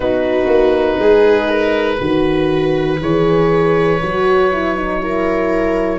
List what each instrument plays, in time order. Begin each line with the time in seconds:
0.00 tuba B3, horn D#4, viola F#4, oboe B4
0.46 tuba A#3
0.98 tuba G#3, viola G#4
1.49 viola A#4
1.98 tuba D#3, horn F#4, viola B4
3.00 tuba E3, horn G#4, oboe C#5
4.02 tuba F#3, horn F#4
4.52 horn E4
4.76 horn D#4
5.00 horn E4, viola A#4